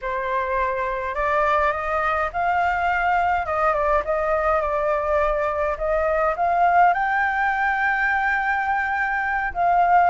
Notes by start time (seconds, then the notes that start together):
0.01 C5
1.14 D5
1.72 D#5
2.32 F5
3.46 D#5
3.73 D5
4.04 D#5
4.61 D5
5.77 D#5
6.36 F5
6.93 G5
9.53 F5